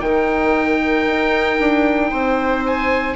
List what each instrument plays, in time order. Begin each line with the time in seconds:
0.00 bassoon D#3, clarinet D#4, viola A#4, oboe G5
1.06 bassoon D#4
1.59 bassoon D4
2.10 bassoon C4, viola C5
2.66 oboe G#5